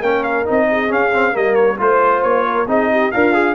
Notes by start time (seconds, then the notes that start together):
0.00 A#3 C#4 A#4 G5
0.23 F5
0.45 C4 D#4 D#5
0.70 G#4
0.89 C#4 F5
1.13 C4
1.33 G3 A#3 A#4 D#5
1.55 C#5
1.78 A3 F4 C5
2.22 A#3 C#5
2.47 A#4
2.67 C4 D#4 G#4 D#5
2.91 G4
3.11 D4 F4 A#4 F5
3.33 G#4